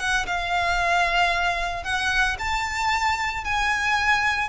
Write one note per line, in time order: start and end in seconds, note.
0.00 0.27 F#5
0.27 1.84 F5
1.84 2.37 F#5
2.39 3.45 A5
3.45 4.49 G#5